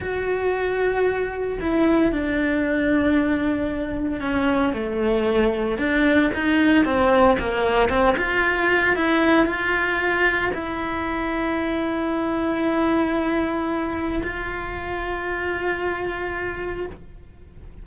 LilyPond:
\new Staff \with { instrumentName = "cello" } { \time 4/4 \tempo 4 = 114 fis'2. e'4 | d'1 | cis'4 a2 d'4 | dis'4 c'4 ais4 c'8 f'8~ |
f'4 e'4 f'2 | e'1~ | e'2. f'4~ | f'1 | }